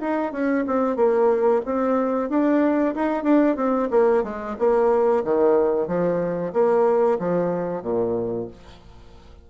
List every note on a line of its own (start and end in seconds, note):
0.00 0.32 D#4
0.32 0.65 C#4
0.67 0.96 C4
0.96 1.61 A#3
1.65 2.29 C4
2.29 2.94 D4
2.95 3.23 D#4
3.23 3.56 D4
3.56 3.89 C4
3.90 4.23 A#3
4.23 4.56 G#3
4.58 5.24 A#3
5.24 5.87 D#3
5.87 6.52 F3
6.53 7.18 A#3
7.19 7.82 F3
7.82 8.47 A#2